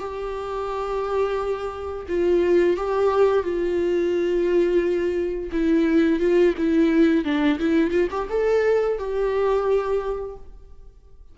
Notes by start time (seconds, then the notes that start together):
0.00 G4
2.09 F4
2.77 G4
3.44 F4
5.52 E4
6.20 F4
6.58 E4
7.25 D4
7.60 E4
7.91 F4
8.11 G4
8.30 A4
8.99 G4